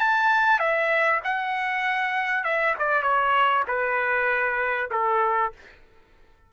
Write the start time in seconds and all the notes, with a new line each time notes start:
0.00 A5
0.60 E5
1.24 F#5
2.44 E5
2.79 D5
3.03 C#5
3.68 B4
4.91 A4